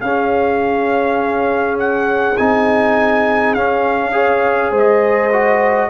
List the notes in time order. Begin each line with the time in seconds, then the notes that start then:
0.00 C#4 G#4 F5
1.78 F#5
2.37 C4 D#4 G#5
3.54 C#4 F5
4.12 G#4 C#5
4.71 G#3 C5
4.77 D#5
5.32 F#4